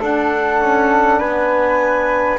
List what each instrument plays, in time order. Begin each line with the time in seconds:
0.00 double bass D4, trombone D4, flute A4, clarinet F#5
0.61 double bass C#4
1.20 double bass B3, flute B4, clarinet G#5